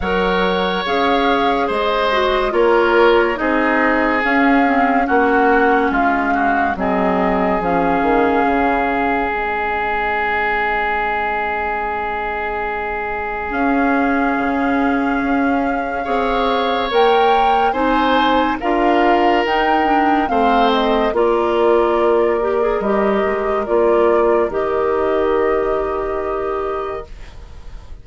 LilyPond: <<
  \new Staff \with { instrumentName = "flute" } { \time 4/4 \tempo 4 = 71 fis''4 f''4 dis''4 cis''4 | dis''4 f''4 fis''4 f''4 | dis''4 f''2 dis''4~ | dis''1 |
f''1 | g''4 gis''4 f''4 g''4 | f''8 dis''8 d''2 dis''4 | d''4 dis''2. | }
  \new Staff \with { instrumentName = "oboe" } { \time 4/4 cis''2 c''4 ais'4 | gis'2 fis'4 f'8 fis'8 | gis'1~ | gis'1~ |
gis'2. cis''4~ | cis''4 c''4 ais'2 | c''4 ais'2.~ | ais'1 | }
  \new Staff \with { instrumentName = "clarinet" } { \time 4/4 ais'4 gis'4. fis'8 f'4 | dis'4 cis'8 c'8 cis'2 | c'4 cis'2 c'4~ | c'1 |
cis'2. gis'4 | ais'4 dis'4 f'4 dis'8 d'8 | c'4 f'4. g'16 gis'16 g'4 | f'4 g'2. | }
  \new Staff \with { instrumentName = "bassoon" } { \time 4/4 fis4 cis'4 gis4 ais4 | c'4 cis'4 ais4 gis4 | fis4 f8 dis8 cis4 gis4~ | gis1 |
cis'4 cis4 cis'4 c'4 | ais4 c'4 d'4 dis'4 | a4 ais2 g8 gis8 | ais4 dis2. | }
>>